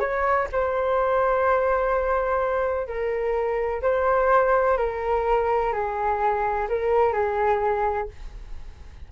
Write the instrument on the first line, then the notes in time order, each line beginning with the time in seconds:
flute
0.00 C#5
0.52 C5
2.87 A#4
3.82 C5
4.77 A#4
5.73 G#4
6.69 A#4
7.13 G#4